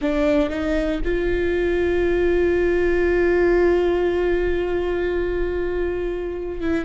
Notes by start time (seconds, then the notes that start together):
0.01 D4
0.49 D#4
1.04 F4
6.61 E4